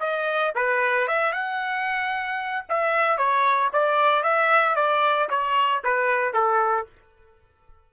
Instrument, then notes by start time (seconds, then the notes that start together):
trumpet
0.00 D#5
0.56 B4
1.08 E5
1.33 F#5
2.69 E5
3.18 C#5
3.73 D5
4.24 E5
4.76 D5
5.30 C#5
5.84 B4
6.34 A4